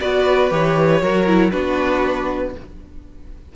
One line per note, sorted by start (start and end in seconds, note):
0.00 0.51 B3
0.00 0.50 F#4
0.00 1.01 B4
0.00 0.51 D5
0.50 1.01 E3
0.50 1.01 G4
0.50 1.50 C#5
1.01 1.52 F#3
1.01 1.27 F#4
1.01 1.52 A#4
1.27 1.52 E4
1.50 2.55 B3
1.50 2.53 D4
1.50 2.54 F#4
1.50 2.52 B4